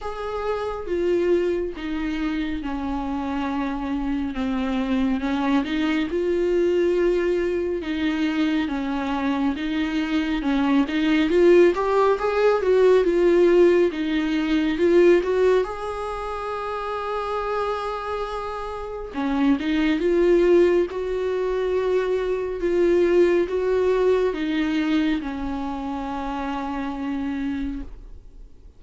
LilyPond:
\new Staff \with { instrumentName = "viola" } { \time 4/4 \tempo 4 = 69 gis'4 f'4 dis'4 cis'4~ | cis'4 c'4 cis'8 dis'8 f'4~ | f'4 dis'4 cis'4 dis'4 | cis'8 dis'8 f'8 g'8 gis'8 fis'8 f'4 |
dis'4 f'8 fis'8 gis'2~ | gis'2 cis'8 dis'8 f'4 | fis'2 f'4 fis'4 | dis'4 cis'2. | }